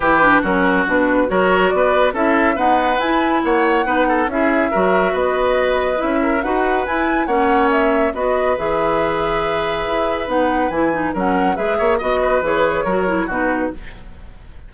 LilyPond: <<
  \new Staff \with { instrumentName = "flute" } { \time 4/4 \tempo 4 = 140 b'4 ais'4 b'4 cis''4 | d''4 e''4 fis''4 gis''4 | fis''2 e''2 | dis''2 e''4 fis''4 |
gis''4 fis''4 e''4 dis''4 | e''1 | fis''4 gis''4 fis''4 e''4 | dis''4 cis''2 b'4 | }
  \new Staff \with { instrumentName = "oboe" } { \time 4/4 g'4 fis'2 ais'4 | b'4 a'4 b'2 | cis''4 b'8 a'8 gis'4 ais'4 | b'2~ b'8 ais'8 b'4~ |
b'4 cis''2 b'4~ | b'1~ | b'2 ais'4 b'8 cis''8 | dis''8 b'4. ais'4 fis'4 | }
  \new Staff \with { instrumentName = "clarinet" } { \time 4/4 e'8 d'8 cis'4 d'4 fis'4~ | fis'4 e'4 b4 e'4~ | e'4 dis'4 e'4 fis'4~ | fis'2 e'4 fis'4 |
e'4 cis'2 fis'4 | gis'1 | dis'4 e'8 dis'8 cis'4 gis'4 | fis'4 gis'4 fis'8 e'8 dis'4 | }
  \new Staff \with { instrumentName = "bassoon" } { \time 4/4 e4 fis4 b,4 fis4 | b4 cis'4 dis'4 e'4 | ais4 b4 cis'4 fis4 | b2 cis'4 dis'4 |
e'4 ais2 b4 | e2. e'4 | b4 e4 fis4 gis8 ais8 | b4 e4 fis4 b,4 | }
>>